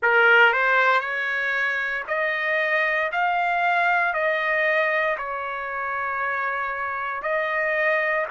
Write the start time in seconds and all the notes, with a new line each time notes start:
0.02 A#4
0.52 C5
1.00 C#5
2.07 D#5
3.12 F5
4.13 D#5
5.17 C#5
7.22 D#5